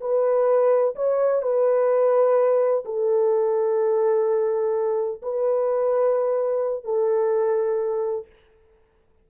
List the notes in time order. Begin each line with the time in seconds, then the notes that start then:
0.00 B4
0.95 C#5
1.42 B4
2.85 A4
5.22 B4
6.84 A4